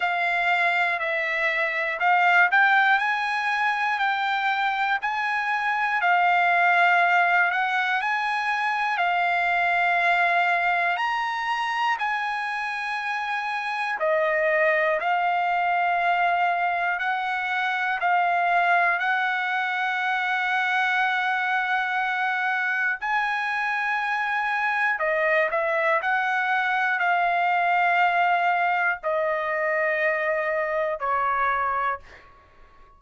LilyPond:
\new Staff \with { instrumentName = "trumpet" } { \time 4/4 \tempo 4 = 60 f''4 e''4 f''8 g''8 gis''4 | g''4 gis''4 f''4. fis''8 | gis''4 f''2 ais''4 | gis''2 dis''4 f''4~ |
f''4 fis''4 f''4 fis''4~ | fis''2. gis''4~ | gis''4 dis''8 e''8 fis''4 f''4~ | f''4 dis''2 cis''4 | }